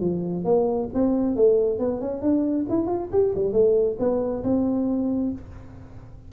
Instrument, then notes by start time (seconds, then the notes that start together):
tuba
0.00 F3
0.44 A#3
0.94 C4
1.36 A3
1.79 B3
2.01 C#4
2.21 D4
2.69 E4
2.87 F4
3.12 G4
3.35 G3
3.53 A3
3.99 B3
4.43 C4